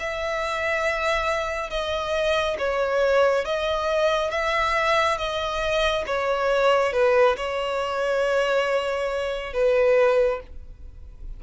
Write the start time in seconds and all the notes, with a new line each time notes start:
0.00 E5
1.70 D#5
2.58 C#5
3.45 D#5
4.31 E5
5.18 D#5
6.07 C#5
6.93 B4
7.37 C#5
9.53 B4